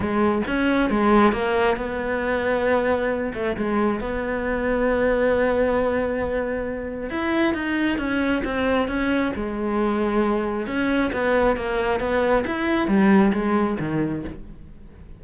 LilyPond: \new Staff \with { instrumentName = "cello" } { \time 4/4 \tempo 4 = 135 gis4 cis'4 gis4 ais4 | b2.~ b8 a8 | gis4 b2.~ | b1 |
e'4 dis'4 cis'4 c'4 | cis'4 gis2. | cis'4 b4 ais4 b4 | e'4 g4 gis4 dis4 | }